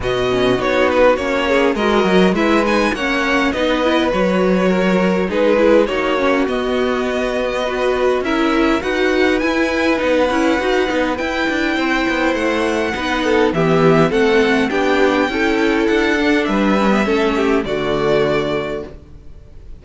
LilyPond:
<<
  \new Staff \with { instrumentName = "violin" } { \time 4/4 \tempo 4 = 102 dis''4 cis''8 b'8 cis''4 dis''4 | e''8 gis''8 fis''4 dis''4 cis''4~ | cis''4 b'4 cis''4 dis''4~ | dis''2 e''4 fis''4 |
gis''4 fis''2 g''4~ | g''4 fis''2 e''4 | fis''4 g''2 fis''4 | e''2 d''2 | }
  \new Staff \with { instrumentName = "violin" } { \time 4/4 fis'2~ fis'8 gis'8 ais'4 | b'4 cis''4 b'2 | ais'4 gis'4 fis'2~ | fis'4 b'4 ais'4 b'4~ |
b'1 | c''2 b'8 a'8 g'4 | a'4 g'4 a'2 | b'4 a'8 g'8 fis'2 | }
  \new Staff \with { instrumentName = "viola" } { \time 4/4 b8 cis'8 dis'4 cis'4 fis'4 | e'8 dis'8 cis'4 dis'8 e'8 fis'4~ | fis'4 dis'8 e'8 dis'8 cis'8 b4~ | b4 fis'4 e'4 fis'4 |
e'4 dis'8 e'8 fis'8 dis'8 e'4~ | e'2 dis'4 b4 | c'4 d'4 e'4. d'8~ | d'8 cis'16 b16 cis'4 a2 | }
  \new Staff \with { instrumentName = "cello" } { \time 4/4 b,4 b4 ais4 gis8 fis8 | gis4 ais4 b4 fis4~ | fis4 gis4 ais4 b4~ | b2 cis'4 dis'4 |
e'4 b8 cis'8 dis'8 b8 e'8 d'8 | c'8 b8 a4 b4 e4 | a4 b4 cis'4 d'4 | g4 a4 d2 | }
>>